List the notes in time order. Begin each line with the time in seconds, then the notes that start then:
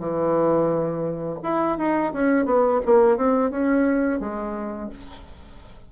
0.00 E3
1.43 E4
1.78 D#4
2.13 C#4
2.46 B3
2.86 A#3
3.17 C4
3.51 C#4
4.20 G#3